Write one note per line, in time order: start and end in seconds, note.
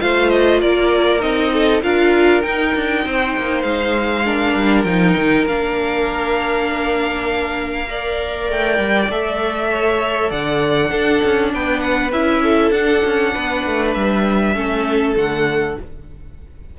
0.00 0.62 A3
0.00 1.20 F4
0.00 0.60 C5
0.00 0.30 F5
0.30 0.61 D#5
0.60 1.23 A#3
0.60 1.51 A#4
0.60 1.21 D5
1.20 1.83 C4
1.20 1.81 D#4
1.20 1.82 D#5
1.54 1.84 A4
1.83 2.44 D4
1.83 2.43 F4
1.83 3.05 A#4
1.83 2.42 F5
2.42 4.24 D#4
2.42 2.75 D#4
2.42 3.62 G5
2.76 3.06 D4
3.06 3.36 C4
3.06 4.25 C5
3.37 3.64 A#3
3.62 4.55 G#3
3.62 4.84 F5
4.25 4.87 D4
4.25 7.89 A#4
4.55 4.85 G3
4.84 5.15 F3
4.84 5.48 D#4
4.84 5.45 G5
5.17 5.47 D#3
5.47 8.49 A#3
5.47 7.86 D4
5.47 8.51 F5
7.86 9.08 A#4
7.86 9.71 D5
8.49 8.79 A3
8.49 9.11 G5
8.79 9.09 G3
9.09 10.31 A3
9.09 10.91 A4
9.09 10.31 E5
9.71 10.31 C#5
10.31 10.92 D3
10.31 10.92 D5
10.31 11.53 F#5
10.91 12.12 D4
10.91 11.22 D4
10.91 11.52 A4
11.25 11.54 C#4
11.54 12.13 B3
11.54 12.43 B4
11.54 11.81 G5
11.81 12.11 F#5
12.13 12.71 C#4
12.13 12.74 E4
12.13 12.72 E5
12.43 13.34 A4
12.71 13.02 D4
12.71 14.56 D4
12.71 13.93 F#5
13.05 13.35 C#4
13.34 13.67 B3
13.34 14.55 B4
13.67 13.96 A3
13.94 14.55 G3
13.94 15.16 E5
14.55 15.16 A3
14.55 15.17 C#4
14.55 15.78 A4
15.17 15.77 D3
15.17 15.77 A3
15.17 15.79 F#5